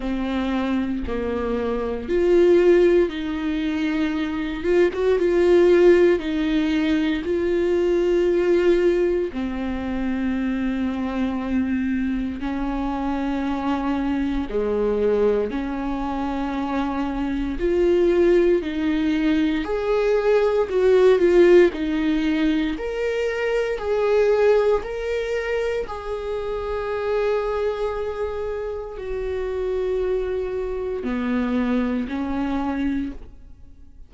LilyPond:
\new Staff \with { instrumentName = "viola" } { \time 4/4 \tempo 4 = 58 c'4 ais4 f'4 dis'4~ | dis'8 f'16 fis'16 f'4 dis'4 f'4~ | f'4 c'2. | cis'2 gis4 cis'4~ |
cis'4 f'4 dis'4 gis'4 | fis'8 f'8 dis'4 ais'4 gis'4 | ais'4 gis'2. | fis'2 b4 cis'4 | }